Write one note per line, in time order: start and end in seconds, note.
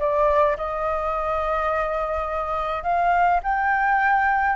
0.00 0.57 D5
0.58 2.84 D#5
2.84 3.41 F5
3.44 4.56 G5